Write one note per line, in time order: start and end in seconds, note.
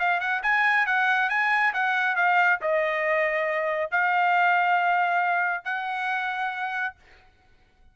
0.00 0.20 F5
0.20 0.42 F#5
0.43 0.87 G#5
0.87 1.30 F#5
1.30 1.73 G#5
1.74 2.16 F#5
2.16 2.60 F5
2.62 3.91 D#5
3.91 5.65 F5
5.65 6.95 F#5